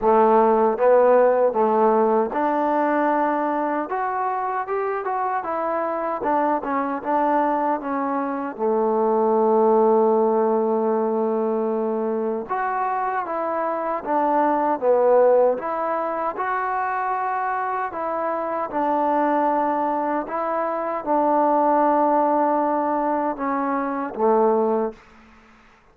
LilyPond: \new Staff \with { instrumentName = "trombone" } { \time 4/4 \tempo 4 = 77 a4 b4 a4 d'4~ | d'4 fis'4 g'8 fis'8 e'4 | d'8 cis'8 d'4 cis'4 a4~ | a1 |
fis'4 e'4 d'4 b4 | e'4 fis'2 e'4 | d'2 e'4 d'4~ | d'2 cis'4 a4 | }